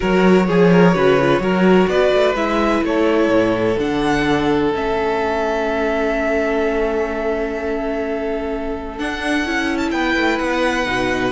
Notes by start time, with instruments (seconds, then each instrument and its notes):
0.00 cello F#3, viola F#4, violin A#4 C#5
0.47 cello F3, violin G#4, viola G#4
0.72 violin A#4
0.94 cello C#3, viola F#4, violin B4
1.20 viola F4
1.39 cello F#3, viola F#4, violin A#4
1.87 cello B3, violin B4 D5
2.12 cello A3
2.35 cello G#3, viola E4, violin E5
2.82 cello A3, violin A4 C#5
3.29 cello A2
3.77 cello D3, viola D4, violin F#5
4.73 cello A3, viola C#4, violin E5
8.98 viola D4, cello D4, violin F#5
9.45 cello C#4, viola E4
9.77 violin A5
9.91 cello B3, violin B4 G5
10.16 cello A3
10.38 cello B3, violin F#5
10.85 cello B2, viola D#4